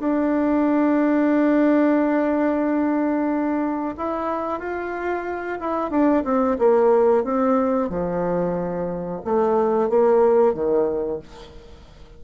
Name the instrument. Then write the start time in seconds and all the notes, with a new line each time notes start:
bassoon
0.00 D4
3.98 E4
4.60 F4
5.60 E4
5.91 D4
6.25 C4
6.59 A#3
7.24 C4
7.90 F3
9.25 A3
9.90 A#3
10.54 D#3